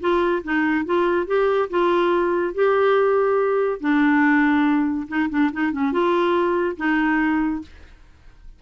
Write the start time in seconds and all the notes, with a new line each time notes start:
0.00 F4
0.43 D#4
0.85 F4
1.26 G4
1.69 F4
2.54 G4
3.80 D4
5.08 D#4
5.30 D4
5.52 D#4
5.72 C#4
5.92 F4
6.77 D#4